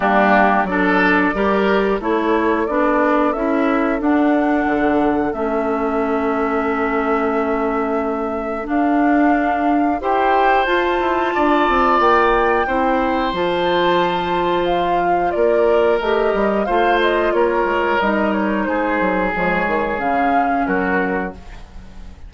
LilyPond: <<
  \new Staff \with { instrumentName = "flute" } { \time 4/4 \tempo 4 = 90 g'4 d''2 cis''4 | d''4 e''4 fis''2 | e''1~ | e''4 f''2 g''4 |
a''2 g''2 | a''2 f''4 d''4 | dis''4 f''8 dis''8 cis''4 dis''8 cis''8 | c''4 cis''4 f''4 ais'4 | }
  \new Staff \with { instrumentName = "oboe" } { \time 4/4 d'4 a'4 ais'4 a'4~ | a'1~ | a'1~ | a'2. c''4~ |
c''4 d''2 c''4~ | c''2. ais'4~ | ais'4 c''4 ais'2 | gis'2. fis'4 | }
  \new Staff \with { instrumentName = "clarinet" } { \time 4/4 ais4 d'4 g'4 e'4 | d'4 e'4 d'2 | cis'1~ | cis'4 d'2 g'4 |
f'2. e'4 | f'1 | g'4 f'2 dis'4~ | dis'4 gis4 cis'2 | }
  \new Staff \with { instrumentName = "bassoon" } { \time 4/4 g4 fis4 g4 a4 | b4 cis'4 d'4 d4 | a1~ | a4 d'2 e'4 |
f'8 e'8 d'8 c'8 ais4 c'4 | f2. ais4 | a8 g8 a4 ais8 gis8 g4 | gis8 fis8 f8 dis8 cis4 fis4 | }
>>